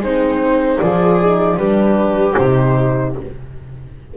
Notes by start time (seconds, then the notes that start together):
0.00 G#3 C4 D#4 C5
0.80 F3 F4 G#4 D5
1.21 D#4
1.57 G3 D4 G4 B4
2.36 C3 D#4 C5